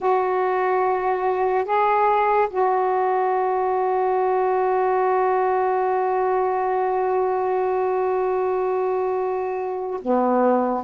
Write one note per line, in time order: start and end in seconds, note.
0.00 1.64 F#4
1.64 2.48 G#4
2.50 10.00 F#4
10.01 10.84 B3